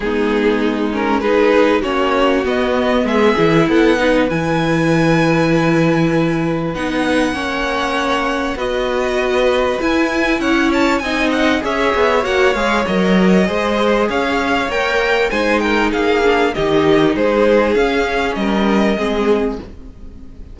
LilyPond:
<<
  \new Staff \with { instrumentName = "violin" } { \time 4/4 \tempo 4 = 98 gis'4. ais'8 b'4 cis''4 | dis''4 e''4 fis''4 gis''4~ | gis''2. fis''4~ | fis''2 dis''2 |
gis''4 fis''8 a''8 gis''8 fis''8 e''4 | fis''8 f''8 dis''2 f''4 | g''4 gis''8 g''8 f''4 dis''4 | c''4 f''4 dis''2 | }
  \new Staff \with { instrumentName = "violin" } { \time 4/4 dis'2 gis'4 fis'4~ | fis'4 gis'4 a'8 b'4.~ | b'1 | cis''2 b'2~ |
b'4 cis''4 dis''4 cis''4~ | cis''2 c''4 cis''4~ | cis''4 c''8 ais'8 gis'4 g'4 | gis'2 ais'4 gis'4 | }
  \new Staff \with { instrumentName = "viola" } { \time 4/4 b4. cis'8 dis'4 cis'4 | b4. e'4 dis'8 e'4~ | e'2. dis'4 | cis'2 fis'2 |
e'2 dis'4 gis'4 | fis'8 gis'8 ais'4 gis'2 | ais'4 dis'4. d'8 dis'4~ | dis'4 cis'2 c'4 | }
  \new Staff \with { instrumentName = "cello" } { \time 4/4 gis2. ais4 | b4 gis8 e8 b4 e4~ | e2. b4 | ais2 b2 |
e'4 cis'4 c'4 cis'8 b8 | ais8 gis8 fis4 gis4 cis'4 | ais4 gis4 ais4 dis4 | gis4 cis'4 g4 gis4 | }
>>